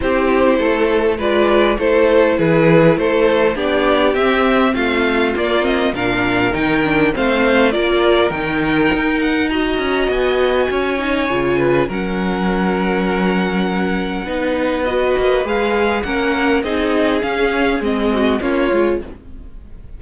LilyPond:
<<
  \new Staff \with { instrumentName = "violin" } { \time 4/4 \tempo 4 = 101 c''2 d''4 c''4 | b'4 c''4 d''4 e''4 | f''4 d''8 dis''8 f''4 g''4 | f''4 d''4 g''4. fis''8 |
ais''4 gis''2. | fis''1~ | fis''4 dis''4 f''4 fis''4 | dis''4 f''4 dis''4 cis''4 | }
  \new Staff \with { instrumentName = "violin" } { \time 4/4 g'4 a'4 b'4 a'4 | gis'4 a'4 g'2 | f'2 ais'2 | c''4 ais'2. |
dis''2 cis''4. b'8 | ais'1 | b'2. ais'4 | gis'2~ gis'8 fis'8 f'4 | }
  \new Staff \with { instrumentName = "viola" } { \time 4/4 e'2 f'4 e'4~ | e'2 d'4 c'4~ | c'4 ais8 c'8 d'4 dis'8 d'8 | c'4 f'4 dis'2 |
fis'2~ fis'8 dis'8 f'4 | cis'1 | dis'4 fis'4 gis'4 cis'4 | dis'4 cis'4 c'4 cis'8 f'8 | }
  \new Staff \with { instrumentName = "cello" } { \time 4/4 c'4 a4 gis4 a4 | e4 a4 b4 c'4 | a4 ais4 ais,4 dis4 | a4 ais4 dis4 dis'4~ |
dis'8 cis'8 b4 cis'4 cis4 | fis1 | b4. ais8 gis4 ais4 | c'4 cis'4 gis4 ais8 gis8 | }
>>